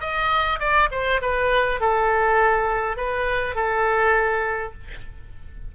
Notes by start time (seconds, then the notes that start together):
0.00 D#5
0.59 D5
0.91 C5
1.21 B4
1.80 A4
2.97 B4
3.55 A4